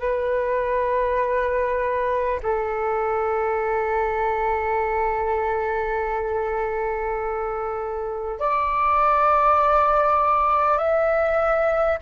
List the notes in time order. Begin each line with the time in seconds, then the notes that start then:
0.00 B4
2.42 A4
8.39 D5
10.78 E5